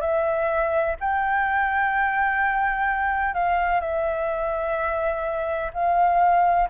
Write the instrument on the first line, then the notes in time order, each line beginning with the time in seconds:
flute
0.00 E5
1.00 G5
3.34 F5
3.80 E5
5.73 F5